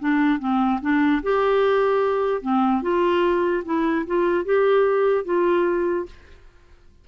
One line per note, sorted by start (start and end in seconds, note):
0.00 0.40 D4
0.40 0.80 C4
0.82 1.22 D4
1.23 2.42 G4
2.42 2.83 C4
2.83 3.64 F4
3.65 4.06 E4
4.07 4.45 F4
4.45 5.25 G4
5.25 6.06 F4